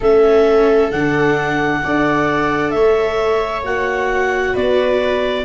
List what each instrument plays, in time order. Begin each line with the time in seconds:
0.00 tuba A3, viola C#4 A4, clarinet E5
0.91 tuba D3, viola D4, clarinet F#5
1.83 tuba D4, viola A4 D5
2.70 tuba A3, viola C#5, clarinet E5
3.63 tuba A#3, viola F#4, clarinet F#5
4.52 tuba B3, viola B4, clarinet D5